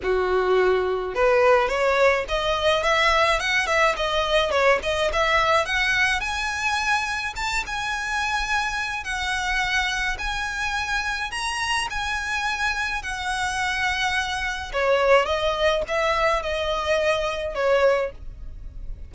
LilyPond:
\new Staff \with { instrumentName = "violin" } { \time 4/4 \tempo 4 = 106 fis'2 b'4 cis''4 | dis''4 e''4 fis''8 e''8 dis''4 | cis''8 dis''8 e''4 fis''4 gis''4~ | gis''4 a''8 gis''2~ gis''8 |
fis''2 gis''2 | ais''4 gis''2 fis''4~ | fis''2 cis''4 dis''4 | e''4 dis''2 cis''4 | }